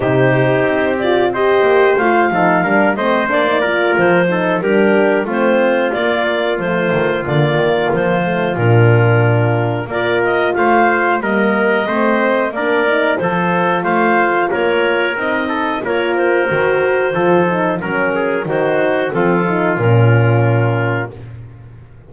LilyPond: <<
  \new Staff \with { instrumentName = "clarinet" } { \time 4/4 \tempo 4 = 91 c''4. d''8 dis''4 f''4~ | f''8 dis''8 d''4 c''4 ais'4 | c''4 d''4 c''4 d''4 | c''4 ais'2 d''8 dis''8 |
f''4 dis''2 d''4 | c''4 f''4 cis''4 dis''4 | cis''8 c''2~ c''8 ais'4 | c''4 a'4 ais'2 | }
  \new Staff \with { instrumentName = "trumpet" } { \time 4/4 g'2 c''4. a'8 | ais'8 c''4 ais'4 a'8 g'4 | f'1~ | f'2. ais'4 |
c''4 ais'4 c''4 ais'4 | a'4 c''4 ais'4. a'8 | ais'2 a'4 ais'8 gis'8 | fis'4 f'2. | }
  \new Staff \with { instrumentName = "horn" } { \time 4/4 dis'4. f'8 g'4 f'8 dis'8 | d'8 c'8 d'16 dis'16 f'4 dis'8 d'4 | c'4 ais4 a4 ais4~ | ais8 a8 d'2 f'4~ |
f'4 ais4 c'4 d'8 dis'8 | f'2. dis'4 | f'4 fis'4 f'8 dis'8 cis'4 | dis'4 c'8 dis'8 cis'2 | }
  \new Staff \with { instrumentName = "double bass" } { \time 4/4 c4 c'4. ais8 a8 f8 | g8 a8 ais4 f4 g4 | a4 ais4 f8 dis8 d8 dis8 | f4 ais,2 ais4 |
a4 g4 a4 ais4 | f4 a4 ais4 c'4 | ais4 dis4 f4 fis4 | dis4 f4 ais,2 | }
>>